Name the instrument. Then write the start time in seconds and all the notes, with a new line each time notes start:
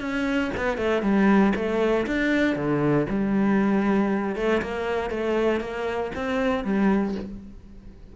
cello
0.00 C#4
0.57 B3
0.77 A3
1.02 G3
1.55 A3
2.06 D4
2.55 D3
3.09 G3
4.35 A3
4.61 A#3
5.10 A3
5.60 A#3
6.15 C4
6.64 G3